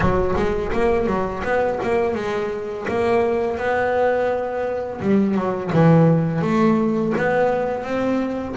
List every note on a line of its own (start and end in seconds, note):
0.00 0.34 F#3
0.35 0.71 G#3
0.72 1.06 A#3
1.06 1.42 F#3
1.43 1.79 B3
1.82 2.15 A#3
2.15 2.86 G#3
2.88 3.57 A#3
3.57 5.00 B3
5.01 5.34 G3
5.34 5.70 F#3
5.72 6.41 E3
6.41 7.13 A3
7.17 7.83 B3
7.83 8.55 C4